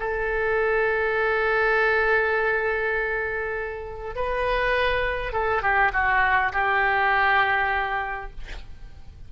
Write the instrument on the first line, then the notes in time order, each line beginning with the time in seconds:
oboe
0.00 A4
4.16 B4
5.33 A4
5.62 G4
5.93 F#4
6.53 G4